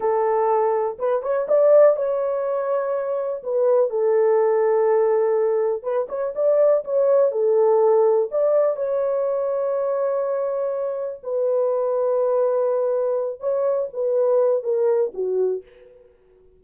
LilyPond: \new Staff \with { instrumentName = "horn" } { \time 4/4 \tempo 4 = 123 a'2 b'8 cis''8 d''4 | cis''2. b'4 | a'1 | b'8 cis''8 d''4 cis''4 a'4~ |
a'4 d''4 cis''2~ | cis''2. b'4~ | b'2.~ b'8 cis''8~ | cis''8 b'4. ais'4 fis'4 | }